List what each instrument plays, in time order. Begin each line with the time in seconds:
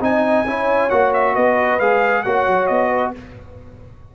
0.00 tuba C4, trombone D#4, horn D#5, trumpet G#5
0.45 tuba C#4, trombone E4, horn C#5
0.89 tuba A#3, trombone F#4, trumpet F#5
1.13 trumpet E5
1.34 tuba B3, horn B4, trumpet D#5
1.79 tuba G#3, trombone G#4, trumpet F5
2.23 tuba A#3, trombone F#4, horn C#5, trumpet F#5
2.47 tuba F#3
2.66 tuba B3, trumpet D#5
2.89 horn B4